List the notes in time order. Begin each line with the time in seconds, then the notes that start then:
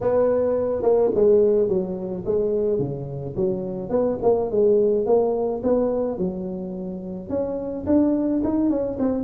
0.00 B3
0.82 A#3
1.14 G#3
1.68 F#3
2.25 G#3
2.78 C#3
3.35 F#3
3.89 B3
4.22 A#3
4.50 G#3
5.06 A#3
5.63 B3
6.18 F#3
7.29 C#4
7.86 D4
8.43 D#4
8.70 C#4
8.99 C4